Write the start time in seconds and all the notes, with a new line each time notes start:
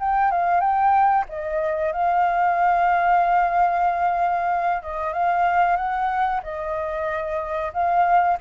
0.00 G5
0.32 F5
0.61 G5
1.29 D#5
1.93 F5
4.83 D#5
5.14 F5
5.77 F#5
6.44 D#5
7.74 F5